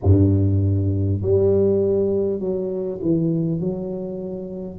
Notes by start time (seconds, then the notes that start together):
0.03 G2
1.22 G3
2.39 F#3
3.01 E3
3.60 F#3